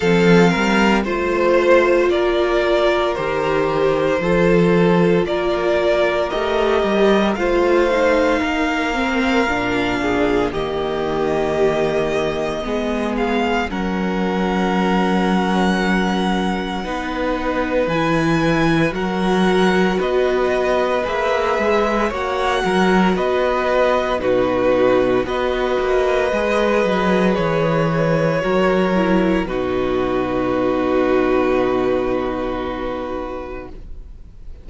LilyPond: <<
  \new Staff \with { instrumentName = "violin" } { \time 4/4 \tempo 4 = 57 f''4 c''4 d''4 c''4~ | c''4 d''4 dis''4 f''4~ | f''2 dis''2~ | dis''8 f''8 fis''2.~ |
fis''4 gis''4 fis''4 dis''4 | e''4 fis''4 dis''4 b'4 | dis''2 cis''2 | b'1 | }
  \new Staff \with { instrumentName = "violin" } { \time 4/4 a'8 ais'8 c''4 ais'2 | a'4 ais'2 c''4 | ais'4. gis'8 g'2 | gis'4 ais'2. |
b'2 ais'4 b'4~ | b'4 cis''8 ais'8 b'4 fis'4 | b'2. ais'4 | fis'1 | }
  \new Staff \with { instrumentName = "viola" } { \time 4/4 c'4 f'2 g'4 | f'2 g'4 f'8 dis'8~ | dis'8 c'8 d'4 ais2 | b4 cis'2. |
dis'4 e'4 fis'2 | gis'4 fis'2 dis'4 | fis'4 gis'2 fis'8 e'8 | dis'1 | }
  \new Staff \with { instrumentName = "cello" } { \time 4/4 f8 g8 a4 ais4 dis4 | f4 ais4 a8 g8 a4 | ais4 ais,4 dis2 | gis4 fis2. |
b4 e4 fis4 b4 | ais8 gis8 ais8 fis8 b4 b,4 | b8 ais8 gis8 fis8 e4 fis4 | b,1 | }
>>